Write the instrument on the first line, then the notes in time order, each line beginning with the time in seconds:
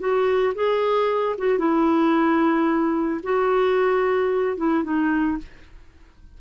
clarinet
0.00 F#4
0.55 G#4
1.39 F#4
1.59 E4
3.23 F#4
4.57 E4
4.84 D#4